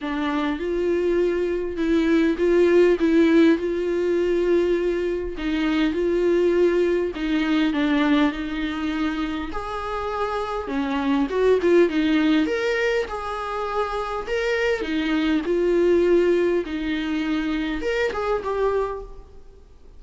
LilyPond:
\new Staff \with { instrumentName = "viola" } { \time 4/4 \tempo 4 = 101 d'4 f'2 e'4 | f'4 e'4 f'2~ | f'4 dis'4 f'2 | dis'4 d'4 dis'2 |
gis'2 cis'4 fis'8 f'8 | dis'4 ais'4 gis'2 | ais'4 dis'4 f'2 | dis'2 ais'8 gis'8 g'4 | }